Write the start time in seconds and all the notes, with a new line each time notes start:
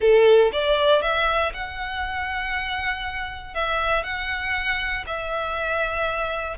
0.00 A4
0.52 D5
1.02 E5
1.53 F#5
3.54 E5
4.03 F#5
5.06 E5